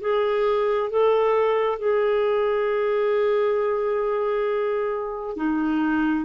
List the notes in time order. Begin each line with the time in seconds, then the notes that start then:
0.00 G#4
0.90 A4
1.78 G#4
5.36 D#4